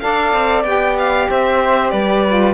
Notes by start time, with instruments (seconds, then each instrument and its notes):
0.00 cello D4, saxophone A4, flute D5, violin F5
0.33 cello C4
0.64 cello B3, saxophone G4, violin G5
0.99 violin F5
1.30 cello C4, flute C5, violin E5
1.90 cello G3, flute B4, violin D5
2.29 saxophone F4